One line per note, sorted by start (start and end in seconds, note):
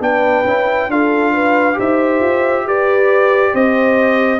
0.00 0.44 B3
0.00 0.45 D4
0.00 0.90 B4
0.00 0.91 G5
0.45 0.88 C#4
0.45 0.91 E4
0.88 1.76 D4
0.88 1.74 F4
0.88 1.33 A4
0.88 1.79 F5
1.33 1.77 B4
1.74 2.20 D#4
1.74 4.38 G4
1.74 2.66 C5
1.74 2.68 E5
2.20 2.65 F4
2.65 3.53 G4
2.65 3.52 B4
2.65 3.55 D5
3.52 4.40 C4
3.52 4.40 C5
3.52 4.40 D#5